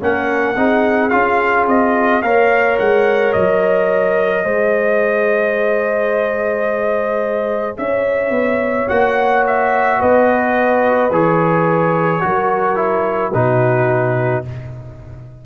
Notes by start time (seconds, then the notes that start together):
0.00 A#3 C#4 A#4 F#5
0.57 C4 D#4 G#4
1.09 C#4 F4 F5
1.66 C4 D#5
2.22 A#3 A#4 C#5 F5
2.78 G#3 F#5
3.33 F#3 D#5
4.44 G#3 G#4 C5
7.77 C#4 C#5 E5
8.30 B3
8.88 A#3 F#4 F#5
9.47 E5
9.99 B3 B4 D#5
11.11 E3 G#4 C#5
12.21 F#3 F#4 A#4
12.76 E4
13.33 B2 D#4 F#4 B4